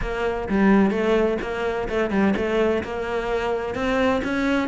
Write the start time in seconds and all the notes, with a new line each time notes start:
0.01 A#3
0.48 G3
0.90 A3
1.41 A#3
1.89 A3
2.10 G3
2.36 A3
2.83 A#3
3.74 C4
4.24 C#4